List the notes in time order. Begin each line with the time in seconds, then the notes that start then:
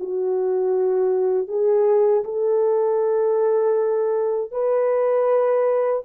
0.00 F#4
1.48 G#4
2.24 A4
4.51 B4